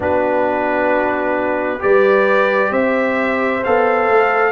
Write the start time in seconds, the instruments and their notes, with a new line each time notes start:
0.00 tuba B3, trombone D4, horn F#4, trumpet B4
1.79 tuba G3, trombone G4, horn B4, trumpet D5
2.70 tuba C4, horn C5, trumpet E5
3.63 tuba B3, trombone A4, trumpet F5
4.09 tuba A3